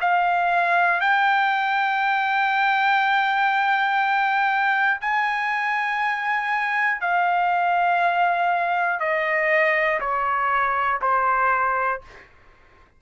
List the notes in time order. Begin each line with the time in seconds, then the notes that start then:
0.00 F5
1.00 G5
5.01 G#5
7.00 F5
8.99 D#5
10.00 C#5
11.01 C5